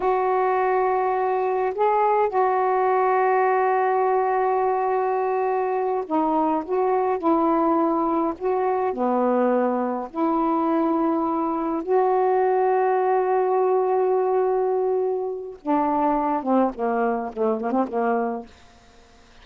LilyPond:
\new Staff \with { instrumentName = "saxophone" } { \time 4/4 \tempo 4 = 104 fis'2. gis'4 | fis'1~ | fis'2~ fis'8 dis'4 fis'8~ | fis'8 e'2 fis'4 b8~ |
b4. e'2~ e'8~ | e'8 fis'2.~ fis'8~ | fis'2. d'4~ | d'8 c'8 ais4 a8 ais16 c'16 ais4 | }